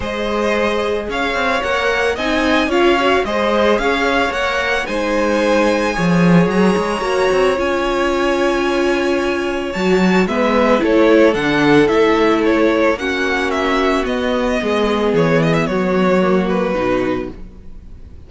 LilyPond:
<<
  \new Staff \with { instrumentName = "violin" } { \time 4/4 \tempo 4 = 111 dis''2 f''4 fis''4 | gis''4 f''4 dis''4 f''4 | fis''4 gis''2. | ais''2 gis''2~ |
gis''2 a''4 e''4 | cis''4 fis''4 e''4 cis''4 | fis''4 e''4 dis''2 | cis''8 dis''16 e''16 cis''4. b'4. | }
  \new Staff \with { instrumentName = "violin" } { \time 4/4 c''2 cis''2 | dis''4 cis''4 c''4 cis''4~ | cis''4 c''2 cis''4~ | cis''1~ |
cis''2. b'4 | a'1 | fis'2. gis'4~ | gis'4 fis'2. | }
  \new Staff \with { instrumentName = "viola" } { \time 4/4 gis'2. ais'4 | dis'4 f'8 fis'8 gis'2 | ais'4 dis'2 gis'4~ | gis'4 fis'4 f'2~ |
f'2 fis'4 b4 | e'4 d'4 e'2 | cis'2 b2~ | b2 ais4 dis'4 | }
  \new Staff \with { instrumentName = "cello" } { \time 4/4 gis2 cis'8 c'8 ais4 | c'4 cis'4 gis4 cis'4 | ais4 gis2 f4 | fis8 gis8 ais8 c'8 cis'2~ |
cis'2 fis4 gis4 | a4 d4 a2 | ais2 b4 gis4 | e4 fis2 b,4 | }
>>